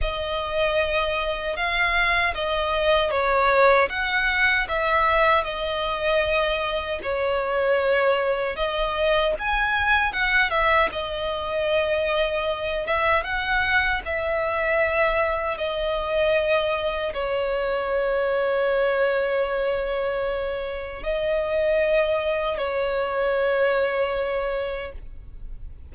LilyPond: \new Staff \with { instrumentName = "violin" } { \time 4/4 \tempo 4 = 77 dis''2 f''4 dis''4 | cis''4 fis''4 e''4 dis''4~ | dis''4 cis''2 dis''4 | gis''4 fis''8 e''8 dis''2~ |
dis''8 e''8 fis''4 e''2 | dis''2 cis''2~ | cis''2. dis''4~ | dis''4 cis''2. | }